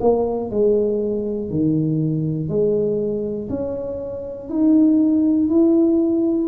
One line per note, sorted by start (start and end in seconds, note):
0.00 0.50 A#3
0.50 1.50 G#3
1.50 2.48 D#3
2.48 3.48 G#3
3.49 4.49 C#4
4.49 5.49 D#4
5.49 6.48 E4